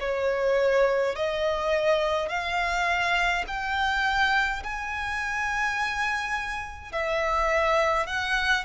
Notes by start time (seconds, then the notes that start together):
0.00 C#5
1.16 D#5
2.29 F5
3.48 G5
4.64 G#5
6.92 E5
8.07 F#5